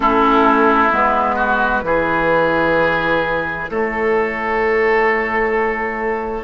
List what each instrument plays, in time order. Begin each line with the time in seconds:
0.00 bassoon A3, clarinet C#4, oboe E4, flute A4
0.90 bassoon G#3, clarinet B3, flute B4
1.35 oboe F#4
1.82 bassoon E3, clarinet E4, oboe G#4
3.70 bassoon A3, oboe A4, flute C#5